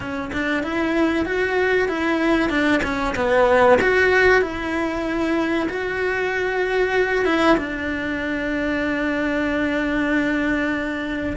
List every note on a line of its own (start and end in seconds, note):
0.00 0.31 C#4
0.32 0.63 D4
0.63 1.25 E4
1.25 1.88 F#4
1.88 2.49 E4
2.49 2.81 D4
2.83 3.14 C#4
3.15 3.78 B3
3.81 4.41 F#4
4.41 5.68 E4
5.69 7.25 F#4
7.25 7.56 E4
7.57 11.36 D4